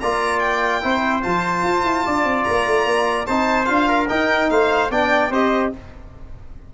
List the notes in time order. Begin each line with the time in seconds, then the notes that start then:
0.00 A#3 F4 D5 A#5
0.39 G5
0.82 C4 E4 C5
1.22 F3 F4 A5
1.64 F4
1.84 E4
2.06 D4 D5
2.24 C4
2.44 A#3 A#5
2.67 A3
2.86 A#3
3.27 C4 D#4 C5 A5
3.66 D4 F4 F5
3.88 A#4
4.09 D#4 G5
4.50 A3 C5 F5
4.91 B3 D4 D5 G5
5.30 C4 G4 C5 D#5